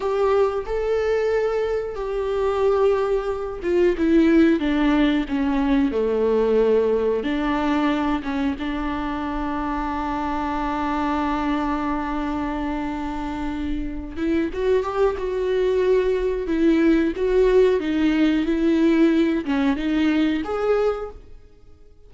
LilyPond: \new Staff \with { instrumentName = "viola" } { \time 4/4 \tempo 4 = 91 g'4 a'2 g'4~ | g'4. f'8 e'4 d'4 | cis'4 a2 d'4~ | d'8 cis'8 d'2.~ |
d'1~ | d'4. e'8 fis'8 g'8 fis'4~ | fis'4 e'4 fis'4 dis'4 | e'4. cis'8 dis'4 gis'4 | }